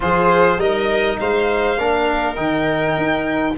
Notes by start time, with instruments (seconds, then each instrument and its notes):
0.00 tuba F3, trombone F4, viola G#4, violin C5
0.57 tuba G3, trombone D#4, viola A#4, violin D#5
1.19 tuba G#3, viola C5, violin F5
1.78 tuba A#3, trombone D4, viola A#4
2.35 tuba D#3, trombone D#4, violin G5
2.97 tuba D#4